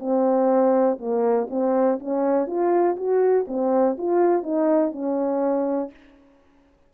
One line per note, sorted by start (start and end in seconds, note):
0.00 0.98 C4
0.99 1.48 A#3
1.50 1.99 C4
2.00 2.47 C#4
2.47 2.96 F4
2.97 3.46 F#4
3.48 3.97 C4
3.98 4.43 F4
4.43 4.92 D#4
4.93 5.91 C#4